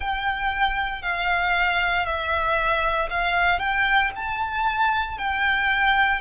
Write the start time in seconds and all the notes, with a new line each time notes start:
0.00 G5
1.02 F5
2.05 E5
3.10 F5
3.59 G5
4.15 A5
5.17 G5